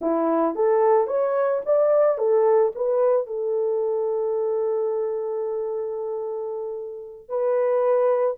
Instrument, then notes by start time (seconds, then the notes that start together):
horn
0.01 E4
0.55 A4
1.07 C#5
1.65 D5
2.17 A4
2.75 B4
3.27 A4
7.28 B4